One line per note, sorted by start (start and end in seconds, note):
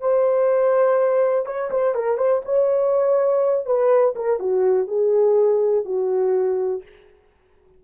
0.00 1.45 C5
1.45 1.70 C#5
1.70 1.94 C5
1.94 2.17 A#4
2.17 2.41 C5
2.45 3.65 C#5
3.65 4.14 B4
4.15 4.39 A#4
4.39 4.87 F#4
4.87 5.85 G#4
5.85 6.82 F#4